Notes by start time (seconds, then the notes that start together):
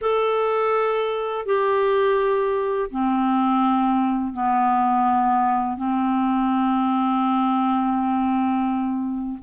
0.01 A4
1.45 G4
2.90 C4
4.33 B3
5.76 C4